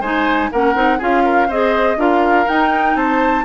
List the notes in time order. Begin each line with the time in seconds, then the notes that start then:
0.00 G#3 D#4 C5 G#5
0.52 A#3 C#4 A#4 F#5
0.74 C4 D#4
0.98 C#4 F4 G#4 F5
1.24 A#4
1.48 C4 G#4 C5 D#5
1.97 D4 F4 A#4 F5
2.47 D#4 G5
2.95 C4 C5 A5